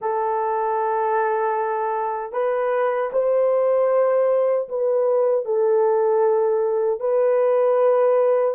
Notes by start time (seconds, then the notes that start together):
0.01 A4
2.32 B4
3.12 C5
4.68 B4
5.45 A4
7.00 B4